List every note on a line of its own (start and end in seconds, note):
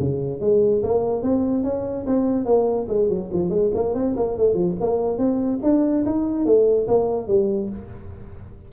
0.00 0.41 C#3
0.41 0.83 G#3
0.84 1.23 A#3
1.23 1.64 C4
1.64 2.06 C#4
2.07 2.46 C4
2.46 2.87 A#3
2.89 3.10 G#3
3.10 3.30 F#3
3.33 3.50 F3
3.50 3.71 G#3
3.75 3.95 A#3
3.95 4.16 C4
4.17 4.37 A#3
4.37 4.55 A3
4.55 4.75 F3
4.81 5.18 A#3
5.18 5.60 C4
5.63 6.05 D4
6.06 6.46 D#4
6.46 6.88 A3
6.88 7.28 A#3
7.28 7.70 G3